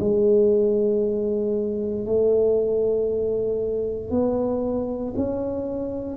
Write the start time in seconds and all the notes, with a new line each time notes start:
0.00 G#3
2.05 A3
4.11 B3
5.16 C#4